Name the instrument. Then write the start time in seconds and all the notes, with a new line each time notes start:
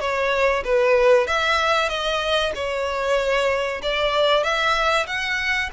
violin
0.00 C#5
0.64 B4
1.27 E5
1.89 D#5
2.55 C#5
3.82 D5
4.43 E5
5.07 F#5